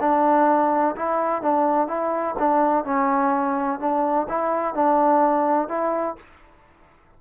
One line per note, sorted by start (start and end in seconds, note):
0.00 0.95 D4
0.96 1.42 E4
1.42 1.88 D4
1.88 2.35 E4
2.39 2.85 D4
2.85 3.80 C#4
3.80 4.27 D4
4.29 4.75 E4
4.75 5.69 D4
5.69 6.16 E4